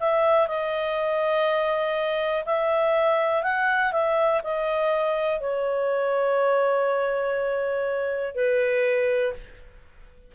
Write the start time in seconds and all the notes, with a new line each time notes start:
0.00 E5
0.48 D#5
2.45 E5
3.43 F#5
3.93 E5
4.44 D#5
5.40 C#5
8.35 B4